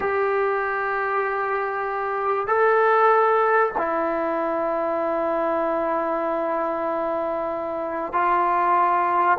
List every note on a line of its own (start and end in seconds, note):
0.00 2.47 G4
2.47 3.72 A4
3.77 8.12 E4
8.12 9.38 F4